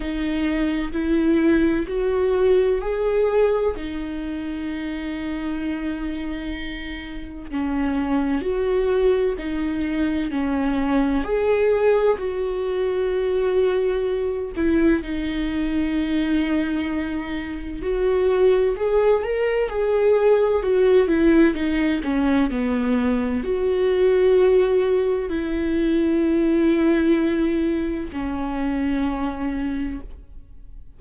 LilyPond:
\new Staff \with { instrumentName = "viola" } { \time 4/4 \tempo 4 = 64 dis'4 e'4 fis'4 gis'4 | dis'1 | cis'4 fis'4 dis'4 cis'4 | gis'4 fis'2~ fis'8 e'8 |
dis'2. fis'4 | gis'8 ais'8 gis'4 fis'8 e'8 dis'8 cis'8 | b4 fis'2 e'4~ | e'2 cis'2 | }